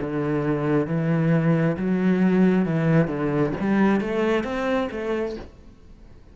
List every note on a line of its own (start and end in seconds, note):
0.00 0.87 D3
0.87 1.77 E3
1.77 2.65 F#3
2.65 3.07 E3
3.07 3.52 D3
3.60 4.01 G3
4.01 4.44 A3
4.44 4.88 C4
4.91 5.36 A3